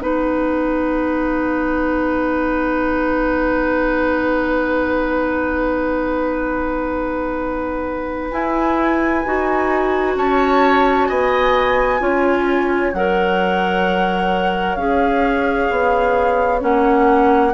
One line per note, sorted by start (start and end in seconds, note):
0.00 8.32 B3
0.00 8.31 D#4
0.00 10.17 B4
0.00 8.31 F#5
8.32 9.25 E4
8.32 10.17 G#5
9.25 10.17 D#4
9.25 12.00 F#4
10.17 11.09 C#4
10.17 11.09 C#5
10.17 11.10 A5
11.09 12.01 B3
11.09 12.02 D#5
11.09 12.94 G#5
12.00 12.93 C#4
12.00 12.93 F4
12.00 17.54 C#5
12.94 14.76 F#3
12.94 14.79 A#4
12.94 14.76 F#5
14.76 15.68 C#4
14.76 16.61 G#4
14.76 16.61 F5
15.71 16.63 B3
16.61 17.54 A#3
16.61 17.53 C#4
16.61 17.54 F#5